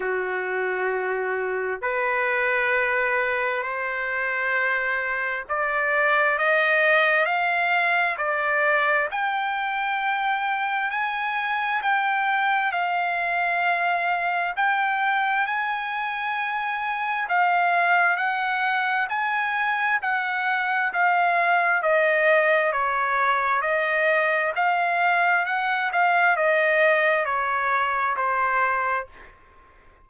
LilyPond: \new Staff \with { instrumentName = "trumpet" } { \time 4/4 \tempo 4 = 66 fis'2 b'2 | c''2 d''4 dis''4 | f''4 d''4 g''2 | gis''4 g''4 f''2 |
g''4 gis''2 f''4 | fis''4 gis''4 fis''4 f''4 | dis''4 cis''4 dis''4 f''4 | fis''8 f''8 dis''4 cis''4 c''4 | }